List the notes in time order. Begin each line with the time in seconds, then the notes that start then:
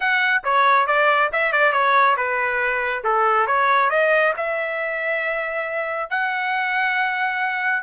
0.00 F#5
0.44 C#5
0.87 D5
1.32 E5
1.52 D5
1.72 C#5
2.16 B4
3.04 A4
3.46 C#5
3.90 D#5
4.36 E5
6.10 F#5